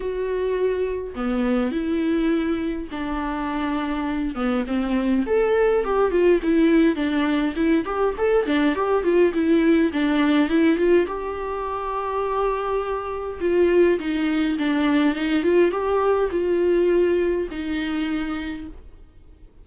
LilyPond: \new Staff \with { instrumentName = "viola" } { \time 4/4 \tempo 4 = 103 fis'2 b4 e'4~ | e'4 d'2~ d'8 b8 | c'4 a'4 g'8 f'8 e'4 | d'4 e'8 g'8 a'8 d'8 g'8 f'8 |
e'4 d'4 e'8 f'8 g'4~ | g'2. f'4 | dis'4 d'4 dis'8 f'8 g'4 | f'2 dis'2 | }